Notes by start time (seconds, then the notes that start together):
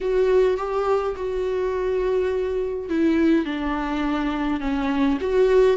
0.00 F#4
0.57 G4
1.16 F#4
2.89 E4
3.45 D4
4.60 C#4
5.20 F#4